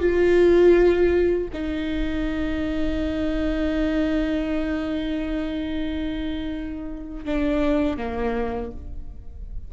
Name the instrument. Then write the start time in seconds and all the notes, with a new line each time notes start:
viola
0.00 F4
1.53 D#4
7.25 D4
7.97 A#3